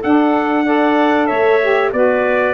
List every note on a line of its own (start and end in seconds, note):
0.00 1.29 D4
0.00 0.65 D4
0.00 0.63 A4
0.00 1.26 F#5
0.65 1.60 A4
0.65 1.27 D5
1.26 1.92 A3
1.26 1.90 C#5
1.26 1.90 E5
1.61 1.92 G4
1.92 2.54 B3
1.92 2.54 F#4
1.92 2.54 B4
1.92 2.54 D5